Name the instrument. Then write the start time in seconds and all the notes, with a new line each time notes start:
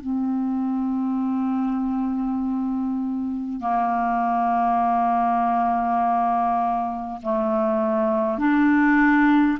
clarinet
0.00 C4
3.61 A#3
7.22 A3
8.38 D4